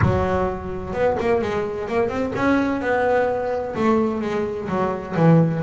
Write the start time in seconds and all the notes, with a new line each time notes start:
0.01 F#3
0.93 B3
1.20 A#3
1.41 G#3
1.87 A#3
2.08 C4
2.35 C#4
2.81 B3
3.75 A3
4.21 G#3
4.68 F#3
5.16 E3